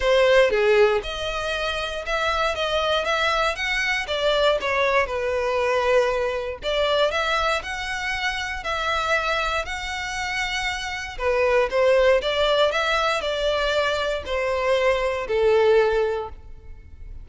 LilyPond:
\new Staff \with { instrumentName = "violin" } { \time 4/4 \tempo 4 = 118 c''4 gis'4 dis''2 | e''4 dis''4 e''4 fis''4 | d''4 cis''4 b'2~ | b'4 d''4 e''4 fis''4~ |
fis''4 e''2 fis''4~ | fis''2 b'4 c''4 | d''4 e''4 d''2 | c''2 a'2 | }